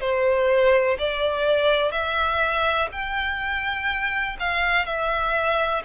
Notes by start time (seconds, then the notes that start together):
0.00 C5
0.99 D5
1.91 E5
2.92 G5
4.39 F5
4.85 E5